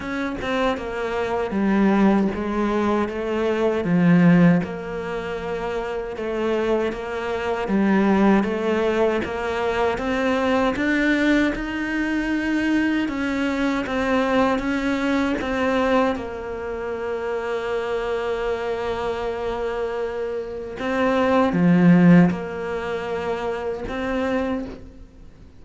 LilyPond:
\new Staff \with { instrumentName = "cello" } { \time 4/4 \tempo 4 = 78 cis'8 c'8 ais4 g4 gis4 | a4 f4 ais2 | a4 ais4 g4 a4 | ais4 c'4 d'4 dis'4~ |
dis'4 cis'4 c'4 cis'4 | c'4 ais2.~ | ais2. c'4 | f4 ais2 c'4 | }